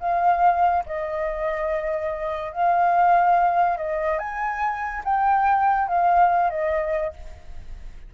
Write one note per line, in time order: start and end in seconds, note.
0.00 0.84 F5
0.86 2.52 D#5
2.52 3.77 F5
3.77 4.19 D#5
4.19 5.03 G#5
5.04 5.88 G5
5.88 6.50 F5
6.50 7.13 D#5